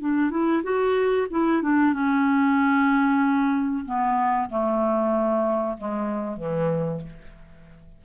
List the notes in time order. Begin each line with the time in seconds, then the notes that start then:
0.00 D4
0.30 E4
0.63 F#4
1.30 E4
1.62 D4
1.93 C#4
3.85 B3
4.49 A3
5.77 G#3
6.37 E3